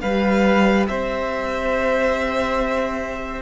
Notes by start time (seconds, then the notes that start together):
0.00 G3 G4 B4 F5
0.87 C4 C5 E5